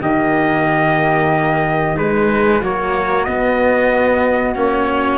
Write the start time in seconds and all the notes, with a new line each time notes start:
0.00 D#3 A#3 G4 D#5
1.94 G#3 D#4 B4
2.60 F#3 A#3 F#4 C#5
3.24 B3 D#5
4.55 A#3 C#4 C#5